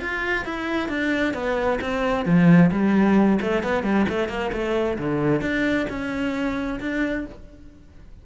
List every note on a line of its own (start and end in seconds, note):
0.00 0.45 F4
0.45 0.88 E4
0.88 1.33 D4
1.34 1.79 B3
1.81 2.25 C4
2.25 2.70 F3
2.71 3.39 G3
3.41 3.63 A3
3.63 3.83 B3
3.83 4.06 G3
4.09 4.28 A3
4.28 4.51 A#3
4.53 4.98 A3
4.98 5.41 D3
5.41 5.86 D4
5.89 6.80 C#4
6.80 7.25 D4